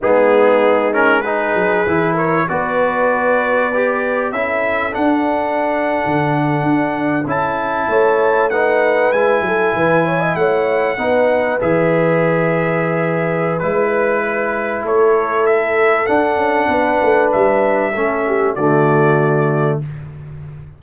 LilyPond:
<<
  \new Staff \with { instrumentName = "trumpet" } { \time 4/4 \tempo 4 = 97 gis'4. ais'8 b'4. cis''8 | d''2. e''4 | fis''2.~ fis''8. a''16~ | a''4.~ a''16 fis''4 gis''4~ gis''16~ |
gis''8. fis''2 e''4~ e''16~ | e''2 b'2 | cis''4 e''4 fis''2 | e''2 d''2 | }
  \new Staff \with { instrumentName = "horn" } { \time 4/4 dis'2 gis'4. ais'8 | b'2. a'4~ | a'1~ | a'8. cis''4 b'4. a'8 b'16~ |
b'16 cis''16 dis''16 cis''4 b'2~ b'16~ | b'1 | a'2. b'4~ | b'4 a'8 g'8 fis'2 | }
  \new Staff \with { instrumentName = "trombone" } { \time 4/4 b4. cis'8 dis'4 e'4 | fis'2 g'4 e'4 | d'2.~ d'8. e'16~ | e'4.~ e'16 dis'4 e'4~ e'16~ |
e'4.~ e'16 dis'4 gis'4~ gis'16~ | gis'2 e'2~ | e'2 d'2~ | d'4 cis'4 a2 | }
  \new Staff \with { instrumentName = "tuba" } { \time 4/4 gis2~ gis8 fis8 e4 | b2. cis'4 | d'4.~ d'16 d4 d'4 cis'16~ | cis'8. a2 gis8 fis8 e16~ |
e8. a4 b4 e4~ e16~ | e2 gis2 | a2 d'8 cis'8 b8 a8 | g4 a4 d2 | }
>>